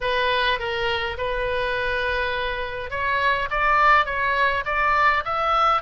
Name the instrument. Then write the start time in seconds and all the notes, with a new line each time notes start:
oboe
0.00 B4
0.59 A#4
1.17 B4
2.90 C#5
3.50 D5
4.05 C#5
4.65 D5
5.24 E5